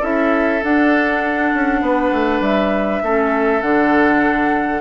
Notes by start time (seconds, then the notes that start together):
0.00 C#4 E4 A4 E5
0.62 D4 F#5
1.53 C#4
1.81 B3 B4
2.11 A3
2.40 G3 E5
3.02 A3 C#4 A4
3.61 D3 D4 F#5